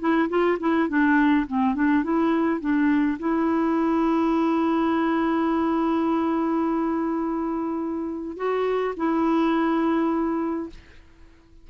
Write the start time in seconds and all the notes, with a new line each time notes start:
0.00 E4
0.29 F4
0.60 E4
0.89 D4
1.47 C4
1.75 D4
2.04 E4
2.61 D4
3.20 E4
8.37 F#4
8.97 E4